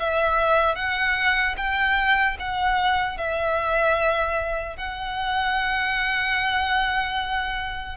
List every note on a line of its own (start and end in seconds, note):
0.00 0.76 E5
0.76 1.56 F#5
1.57 2.37 G5
2.40 3.18 F#5
3.18 4.77 E5
4.77 7.97 F#5